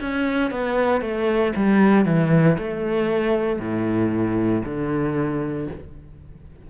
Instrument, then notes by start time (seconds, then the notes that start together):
cello
0.00 C#4
0.50 B3
1.01 A3
1.56 G3
2.05 E3
2.58 A3
3.59 A2
4.65 D3